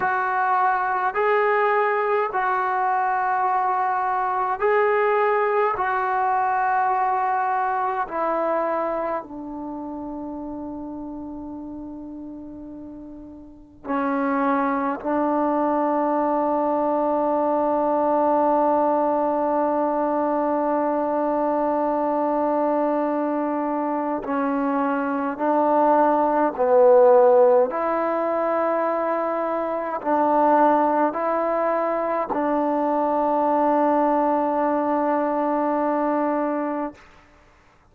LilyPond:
\new Staff \with { instrumentName = "trombone" } { \time 4/4 \tempo 4 = 52 fis'4 gis'4 fis'2 | gis'4 fis'2 e'4 | d'1 | cis'4 d'2.~ |
d'1~ | d'4 cis'4 d'4 b4 | e'2 d'4 e'4 | d'1 | }